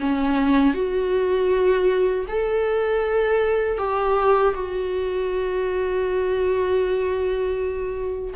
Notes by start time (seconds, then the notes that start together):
0.00 C#4
0.74 F#4
2.28 A4
3.78 G4
4.54 F#4